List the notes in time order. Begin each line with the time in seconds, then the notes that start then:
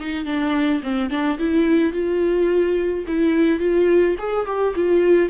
0.00 D#4
0.25 D4
0.83 C4
1.10 D4
1.38 E4
1.93 F4
3.08 E4
3.60 F4
4.19 G#4
4.47 G4
4.75 F4